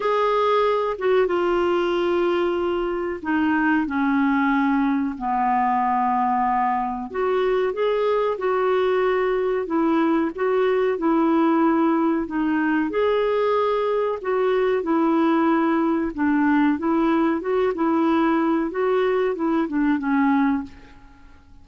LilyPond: \new Staff \with { instrumentName = "clarinet" } { \time 4/4 \tempo 4 = 93 gis'4. fis'8 f'2~ | f'4 dis'4 cis'2 | b2. fis'4 | gis'4 fis'2 e'4 |
fis'4 e'2 dis'4 | gis'2 fis'4 e'4~ | e'4 d'4 e'4 fis'8 e'8~ | e'4 fis'4 e'8 d'8 cis'4 | }